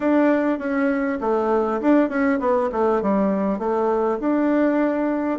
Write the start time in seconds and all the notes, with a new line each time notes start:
0.00 D4
0.58 C#4
1.21 A3
1.81 D4
2.09 C#4
2.39 B3
2.72 A3
3.02 G3
3.58 A3
4.20 D4